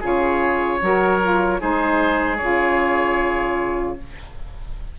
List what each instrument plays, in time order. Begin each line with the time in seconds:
0.00 bassoon C#3, saxophone F4, oboe G#4 C#5
0.81 bassoon F#3, saxophone F#4, oboe A#4
1.22 saxophone F4
1.60 bassoon G#3, saxophone D#4, oboe G#4 C5
2.37 bassoon C#3, saxophone F4, oboe C#5